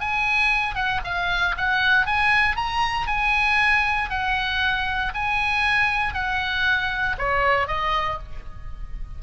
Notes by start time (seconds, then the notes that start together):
0.00 G#5
0.75 F#5
1.04 F5
1.57 F#5
2.06 G#5
2.56 A#5
3.07 G#5
4.10 F#5
5.14 G#5
6.14 F#5
7.18 C#5
7.67 D#5